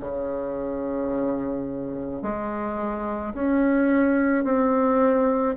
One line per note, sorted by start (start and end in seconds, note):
0.00 2.22 C#3
2.22 3.33 G#3
3.33 4.44 C#4
4.44 5.55 C4